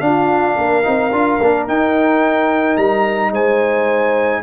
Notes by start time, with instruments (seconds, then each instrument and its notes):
0.00 trombone D4, tuba D4, horn F4, trumpet F5
0.55 tuba A#3, horn A#4
0.83 tuba C4, trombone D#4
1.11 tuba D4, trombone F4
1.41 tuba A#3, trombone D4
1.67 tuba D#4, trombone D#4, trumpet G5
2.77 tuba G3, trumpet A#5
3.32 tuba G#3, horn C5, trumpet G#5